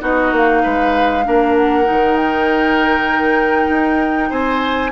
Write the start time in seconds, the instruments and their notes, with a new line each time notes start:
0.00 bassoon B3, clarinet D#4, oboe F#4, flute D#5
0.32 bassoon A#3, flute F5
0.63 bassoon G#3, oboe B4
1.24 bassoon A#3, clarinet D4, oboe A#4
1.56 flute F#5
1.85 bassoon D#3, clarinet D#4
2.17 flute G5
3.69 bassoon D#4
4.30 bassoon C4, oboe C5, flute G#5